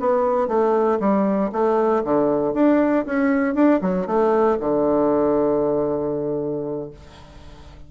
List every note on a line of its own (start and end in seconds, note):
0.00 0.48 B3
0.48 1.00 A3
1.00 1.51 G3
1.53 2.04 A3
2.05 2.55 D3
2.55 3.06 D4
3.06 3.55 C#4
3.55 3.81 D4
3.82 4.07 F#3
4.07 4.58 A3
4.60 6.91 D3